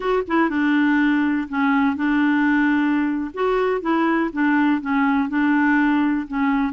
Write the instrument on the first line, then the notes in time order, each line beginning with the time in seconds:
clarinet
0.00 F#4
0.27 E4
0.49 D4
1.49 C#4
1.96 D4
3.34 F#4
3.81 E4
4.32 D4
4.81 C#4
5.29 D4
6.27 C#4